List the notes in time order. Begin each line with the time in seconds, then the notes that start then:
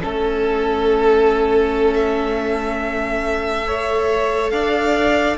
0.00 A3 C#4 A4
1.95 E5
3.66 A4 C#5
4.50 D4 D5 F5